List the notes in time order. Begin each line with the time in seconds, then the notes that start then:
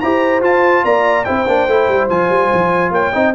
0.00 E4 G4 C5 A#5
0.41 F4 A5
0.84 A#3 D5 A#5
1.24 C4 E4 C5 G5
1.46 A#3 D4
1.67 A3 E4
1.88 G3
2.09 F3 F4 G#5
2.29 G3
2.53 F3
2.91 A#3 C#5 G5
3.12 C4 D#4 D#5